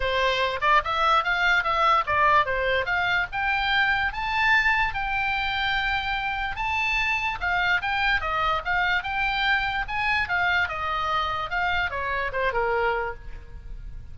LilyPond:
\new Staff \with { instrumentName = "oboe" } { \time 4/4 \tempo 4 = 146 c''4. d''8 e''4 f''4 | e''4 d''4 c''4 f''4 | g''2 a''2 | g''1 |
a''2 f''4 g''4 | dis''4 f''4 g''2 | gis''4 f''4 dis''2 | f''4 cis''4 c''8 ais'4. | }